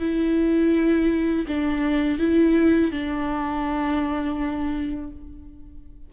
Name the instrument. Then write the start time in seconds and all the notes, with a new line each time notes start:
viola
0.00 E4
1.47 D4
2.19 E4
2.91 D4